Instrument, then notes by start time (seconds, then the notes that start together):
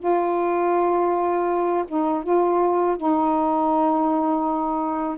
saxophone
0.00 F4
1.88 D#4
2.24 F4
2.98 D#4